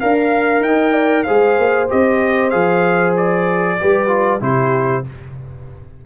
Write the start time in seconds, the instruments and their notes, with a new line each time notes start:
0.00 tuba D4, trombone A#4, horn F5, trumpet F5
0.61 tuba D#4, horn D#5, trumpet G5
0.93 horn D5
1.24 tuba G#3, trombone G#4, horn C5, trumpet F5
1.58 tuba A#3
1.89 tuba C4, trombone G4, trumpet D#5
2.50 tuba F3, trombone G#4, trumpet F5
3.17 trumpet D5
3.80 tuba G3, trombone G4, horn B4
4.08 trombone F4
4.40 tuba C3, trombone E4, horn G4, trumpet C5